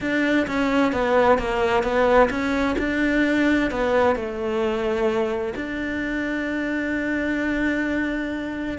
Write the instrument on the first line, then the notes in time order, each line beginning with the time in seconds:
cello
0.00 D4
0.47 C#4
0.92 B3
1.38 A#3
1.83 B3
2.30 C#4
2.78 D4
3.70 B3
4.15 A3
5.55 D4